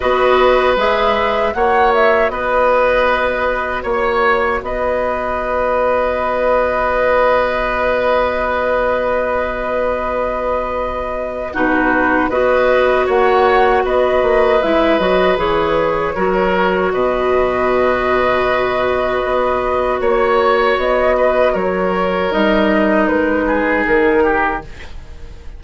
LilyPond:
<<
  \new Staff \with { instrumentName = "flute" } { \time 4/4 \tempo 4 = 78 dis''4 e''4 fis''8 e''8 dis''4~ | dis''4 cis''4 dis''2~ | dis''1~ | dis''2. b'4 |
dis''4 fis''4 dis''4 e''8 dis''8 | cis''2 dis''2~ | dis''2 cis''4 dis''4 | cis''4 dis''4 b'4 ais'4 | }
  \new Staff \with { instrumentName = "oboe" } { \time 4/4 b'2 cis''4 b'4~ | b'4 cis''4 b'2~ | b'1~ | b'2. fis'4 |
b'4 cis''4 b'2~ | b'4 ais'4 b'2~ | b'2 cis''4. b'8 | ais'2~ ais'8 gis'4 g'8 | }
  \new Staff \with { instrumentName = "clarinet" } { \time 4/4 fis'4 gis'4 fis'2~ | fis'1~ | fis'1~ | fis'2. dis'4 |
fis'2. e'8 fis'8 | gis'4 fis'2.~ | fis'1~ | fis'4 dis'2. | }
  \new Staff \with { instrumentName = "bassoon" } { \time 4/4 b4 gis4 ais4 b4~ | b4 ais4 b2~ | b1~ | b2. b,4 |
b4 ais4 b8 ais8 gis8 fis8 | e4 fis4 b,2~ | b,4 b4 ais4 b4 | fis4 g4 gis4 dis4 | }
>>